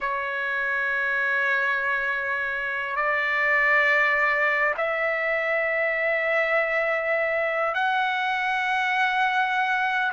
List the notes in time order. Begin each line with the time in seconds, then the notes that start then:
0.00 C#5
2.96 D5
4.77 E5
7.74 F#5